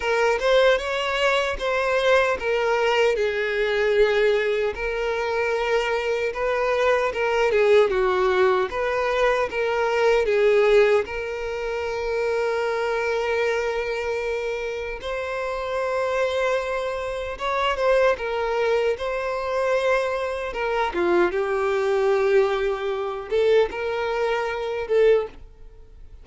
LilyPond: \new Staff \with { instrumentName = "violin" } { \time 4/4 \tempo 4 = 76 ais'8 c''8 cis''4 c''4 ais'4 | gis'2 ais'2 | b'4 ais'8 gis'8 fis'4 b'4 | ais'4 gis'4 ais'2~ |
ais'2. c''4~ | c''2 cis''8 c''8 ais'4 | c''2 ais'8 f'8 g'4~ | g'4. a'8 ais'4. a'8 | }